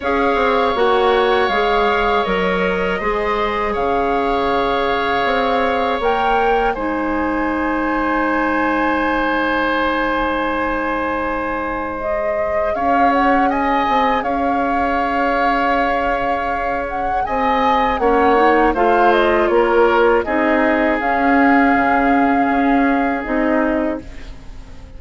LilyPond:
<<
  \new Staff \with { instrumentName = "flute" } { \time 4/4 \tempo 4 = 80 f''4 fis''4 f''4 dis''4~ | dis''4 f''2. | g''4 gis''2.~ | gis''1 |
dis''4 f''8 fis''8 gis''4 f''4~ | f''2~ f''8 fis''8 gis''4 | fis''4 f''8 dis''8 cis''4 dis''4 | f''2. dis''4 | }
  \new Staff \with { instrumentName = "oboe" } { \time 4/4 cis''1 | c''4 cis''2.~ | cis''4 c''2.~ | c''1~ |
c''4 cis''4 dis''4 cis''4~ | cis''2. dis''4 | cis''4 c''4 ais'4 gis'4~ | gis'1 | }
  \new Staff \with { instrumentName = "clarinet" } { \time 4/4 gis'4 fis'4 gis'4 ais'4 | gis'1 | ais'4 dis'2.~ | dis'1 |
gis'1~ | gis'1 | cis'8 dis'8 f'2 dis'4 | cis'2. dis'4 | }
  \new Staff \with { instrumentName = "bassoon" } { \time 4/4 cis'8 c'8 ais4 gis4 fis4 | gis4 cis2 c'4 | ais4 gis2.~ | gis1~ |
gis4 cis'4. c'8 cis'4~ | cis'2. c'4 | ais4 a4 ais4 c'4 | cis'4 cis4 cis'4 c'4 | }
>>